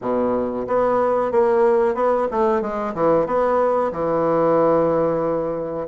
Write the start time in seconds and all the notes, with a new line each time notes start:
0.01 B2
0.67 B3
1.31 A#3
1.94 B3
2.31 A3
2.61 G#3
2.94 E3
3.26 B3
3.92 E3